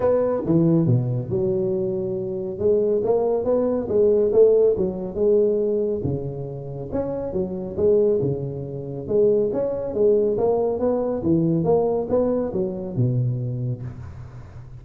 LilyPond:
\new Staff \with { instrumentName = "tuba" } { \time 4/4 \tempo 4 = 139 b4 e4 b,4 fis4~ | fis2 gis4 ais4 | b4 gis4 a4 fis4 | gis2 cis2 |
cis'4 fis4 gis4 cis4~ | cis4 gis4 cis'4 gis4 | ais4 b4 e4 ais4 | b4 fis4 b,2 | }